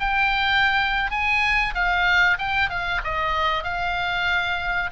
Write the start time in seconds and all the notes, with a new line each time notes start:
0.00 G5
1.11 G#5
1.74 F5
2.38 G5
2.69 F5
3.04 D#5
3.63 F5